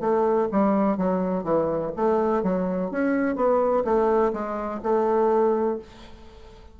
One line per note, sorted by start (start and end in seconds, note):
0.00 0.48 A3
0.51 0.97 G3
0.97 1.43 F#3
1.43 1.91 E3
1.96 2.42 A3
2.42 2.90 F#3
2.90 3.36 C#4
3.36 3.84 B3
3.84 4.32 A3
4.33 4.81 G#3
4.83 5.79 A3